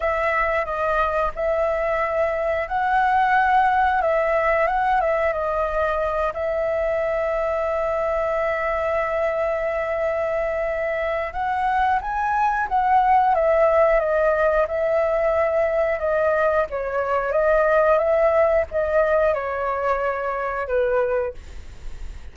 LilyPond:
\new Staff \with { instrumentName = "flute" } { \time 4/4 \tempo 4 = 90 e''4 dis''4 e''2 | fis''2 e''4 fis''8 e''8 | dis''4. e''2~ e''8~ | e''1~ |
e''4 fis''4 gis''4 fis''4 | e''4 dis''4 e''2 | dis''4 cis''4 dis''4 e''4 | dis''4 cis''2 b'4 | }